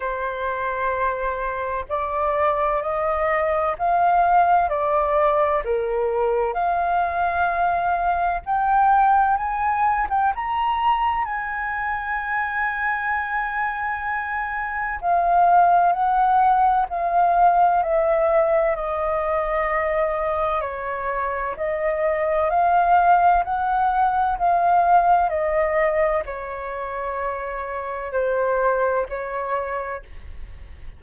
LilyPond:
\new Staff \with { instrumentName = "flute" } { \time 4/4 \tempo 4 = 64 c''2 d''4 dis''4 | f''4 d''4 ais'4 f''4~ | f''4 g''4 gis''8. g''16 ais''4 | gis''1 |
f''4 fis''4 f''4 e''4 | dis''2 cis''4 dis''4 | f''4 fis''4 f''4 dis''4 | cis''2 c''4 cis''4 | }